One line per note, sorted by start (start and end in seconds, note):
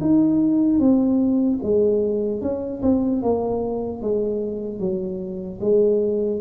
0.00 0.79 D#4
0.79 1.59 C4
1.62 2.41 G#3
2.41 2.81 C#4
2.82 3.22 C4
3.22 4.01 A#3
4.01 4.79 G#3
4.79 5.59 F#3
5.60 6.40 G#3